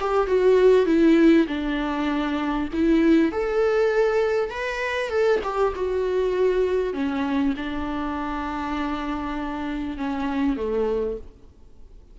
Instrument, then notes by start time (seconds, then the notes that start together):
viola
0.00 G4
0.27 F#4
0.86 E4
1.47 D4
2.73 E4
3.31 A4
4.50 B4
5.09 A4
5.43 G4
5.75 F#4
6.93 C#4
7.56 D4
9.97 C#4
10.56 A3